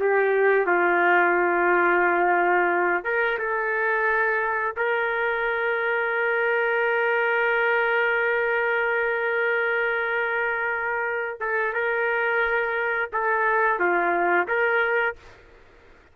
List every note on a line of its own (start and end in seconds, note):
0.00 0.66 G4
0.66 3.05 F4
3.05 3.39 A#4
3.39 4.75 A4
4.77 11.40 A#4
11.40 11.74 A4
11.74 13.10 A#4
13.13 13.79 A4
13.79 14.48 F4
14.48 15.16 A#4